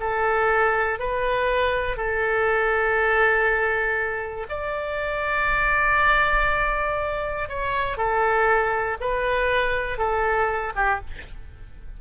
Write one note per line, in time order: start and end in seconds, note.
0.00 0.99 A4
0.99 1.97 B4
1.97 4.47 A4
4.49 7.49 D5
7.49 7.97 C#5
7.97 8.97 A4
9.00 9.98 B4
9.98 10.73 A4
10.75 11.00 G4